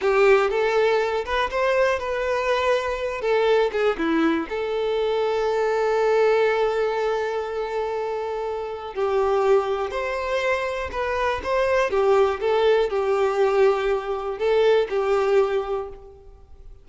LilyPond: \new Staff \with { instrumentName = "violin" } { \time 4/4 \tempo 4 = 121 g'4 a'4. b'8 c''4 | b'2~ b'8 a'4 gis'8 | e'4 a'2.~ | a'1~ |
a'2 g'2 | c''2 b'4 c''4 | g'4 a'4 g'2~ | g'4 a'4 g'2 | }